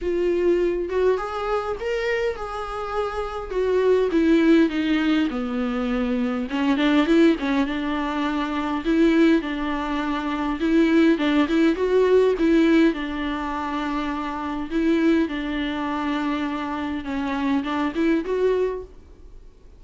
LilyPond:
\new Staff \with { instrumentName = "viola" } { \time 4/4 \tempo 4 = 102 f'4. fis'8 gis'4 ais'4 | gis'2 fis'4 e'4 | dis'4 b2 cis'8 d'8 | e'8 cis'8 d'2 e'4 |
d'2 e'4 d'8 e'8 | fis'4 e'4 d'2~ | d'4 e'4 d'2~ | d'4 cis'4 d'8 e'8 fis'4 | }